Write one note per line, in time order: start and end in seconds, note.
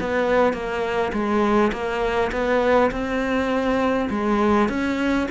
0.00 0.53 B3
0.53 1.12 A#3
1.13 1.71 G#3
1.72 2.31 A#3
2.32 2.91 B3
2.91 4.09 C4
4.10 4.69 G#3
4.69 5.28 C#4